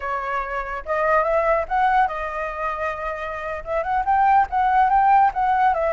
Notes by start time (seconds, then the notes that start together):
0.00 C#5
0.85 D#5
1.23 E5
1.68 F#5
2.07 D#5
3.64 E5
3.83 F#5
4.05 G5
4.49 F#5
4.89 G5
5.33 F#5
5.73 E5